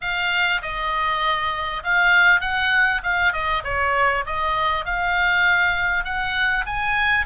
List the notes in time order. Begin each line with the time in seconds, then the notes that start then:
0.01 F5
0.61 D#5
1.83 F5
2.40 F#5
3.03 F5
3.32 D#5
3.64 C#5
4.26 D#5
4.85 F5
6.04 F#5
6.66 G#5